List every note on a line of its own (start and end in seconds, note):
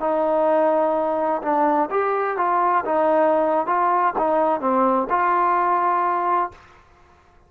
0.00 1.42 D#4
1.42 1.89 D4
1.91 2.38 G4
2.38 2.85 F4
2.85 3.67 D#4
3.67 4.14 F4
4.18 4.61 D#4
4.61 5.08 C4
5.10 6.52 F4